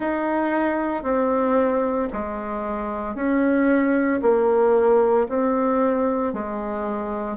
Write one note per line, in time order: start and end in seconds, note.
0.00 1.03 D#4
1.03 2.08 C4
2.12 3.15 G#3
3.15 4.20 C#4
4.22 5.27 A#3
5.29 6.33 C4
6.33 7.37 G#3